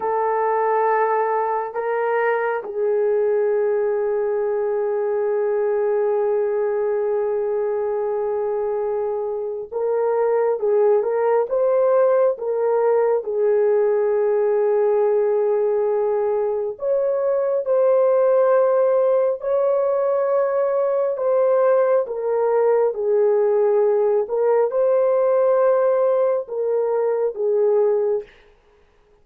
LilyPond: \new Staff \with { instrumentName = "horn" } { \time 4/4 \tempo 4 = 68 a'2 ais'4 gis'4~ | gis'1~ | gis'2. ais'4 | gis'8 ais'8 c''4 ais'4 gis'4~ |
gis'2. cis''4 | c''2 cis''2 | c''4 ais'4 gis'4. ais'8 | c''2 ais'4 gis'4 | }